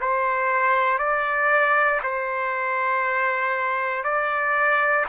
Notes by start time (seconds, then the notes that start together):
0.00 C5
0.98 D5
2.03 C5
4.03 D5